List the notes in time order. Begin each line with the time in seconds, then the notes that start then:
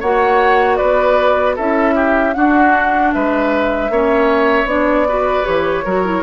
0.00 A#3 F#4 C#5 F#5
0.77 B3 B4 D5
1.56 C#4 E4 A4 E5
1.95 G4
2.34 D4 F#4 F#5
3.13 G#3 B4 E5
3.90 A#3 C#4 C#5
4.64 B3 D4 D5
5.08 F#4 B4
5.44 E3 G4 C#5
5.85 F#3 F#4 A#4
6.05 E4